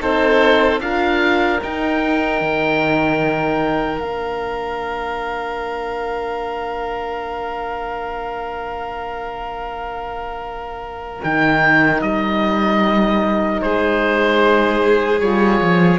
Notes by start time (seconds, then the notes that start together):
0.00 C4 D#4 A4 C5
0.80 D4 F4 A#4 F5
1.63 D#4 G5
2.41 D#3
4.00 A#3 D4 F5
11.23 D#3 D#4 G5
12.02 G3 D#5
13.62 G#3 G#4 C5
15.20 G3 F4 C#5
15.61 F3